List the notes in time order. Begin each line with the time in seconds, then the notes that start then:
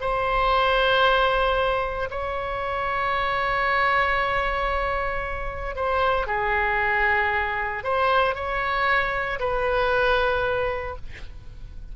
0.00 C5
2.10 C#5
5.75 C5
6.27 G#4
7.83 C5
8.35 C#5
9.39 B4